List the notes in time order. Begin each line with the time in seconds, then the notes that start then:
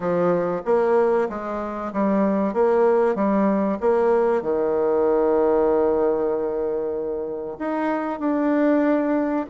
0.00 F3
0.65 A#3
1.29 G#3
1.92 G3
2.53 A#3
3.15 G3
3.80 A#3
4.42 D#3
7.58 D#4
8.19 D4